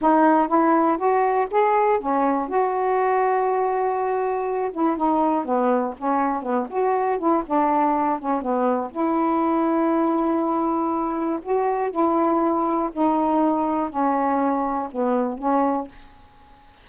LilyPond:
\new Staff \with { instrumentName = "saxophone" } { \time 4/4 \tempo 4 = 121 dis'4 e'4 fis'4 gis'4 | cis'4 fis'2.~ | fis'4. e'8 dis'4 b4 | cis'4 b8 fis'4 e'8 d'4~ |
d'8 cis'8 b4 e'2~ | e'2. fis'4 | e'2 dis'2 | cis'2 b4 cis'4 | }